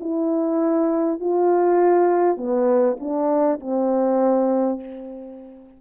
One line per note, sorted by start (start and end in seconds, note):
0.00 1.20 E4
1.21 2.37 F4
2.37 2.97 B3
2.99 3.59 D4
3.60 4.80 C4